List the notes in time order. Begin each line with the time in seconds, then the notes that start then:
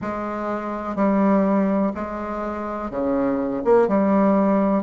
0.01 G#3
0.95 G3
1.94 G#3
2.90 C#3
3.64 A#3
3.88 G3